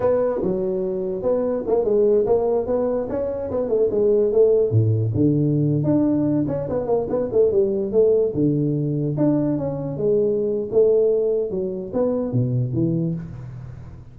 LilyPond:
\new Staff \with { instrumentName = "tuba" } { \time 4/4 \tempo 4 = 146 b4 fis2 b4 | ais8 gis4 ais4 b4 cis'8~ | cis'8 b8 a8 gis4 a4 a,8~ | a,8 d4.~ d16 d'4. cis'16~ |
cis'16 b8 ais8 b8 a8 g4 a8.~ | a16 d2 d'4 cis'8.~ | cis'16 gis4.~ gis16 a2 | fis4 b4 b,4 e4 | }